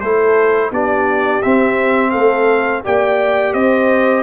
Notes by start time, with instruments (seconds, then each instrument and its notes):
0.00 tuba A3, trombone E4, horn A4, trumpet C5
0.71 tuba B3, trombone D4, horn G4, trumpet D5
1.42 trombone C4, tuba C4, trumpet E5
2.10 tuba A3, horn A4, trumpet F5
2.84 tuba A#3, trombone G4, horn D5, trumpet G5
3.53 tuba C4, horn C5, trumpet D#5